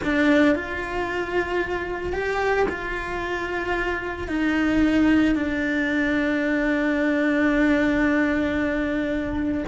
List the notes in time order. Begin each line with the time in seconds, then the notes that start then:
0.04 D4
0.55 F4
2.13 G4
2.69 F4
4.28 D#4
5.35 D4